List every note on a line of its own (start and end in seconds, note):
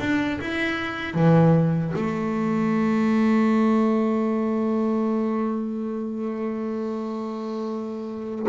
0.00 0.39 D4
0.41 1.14 E4
1.14 1.93 E3
1.96 8.47 A3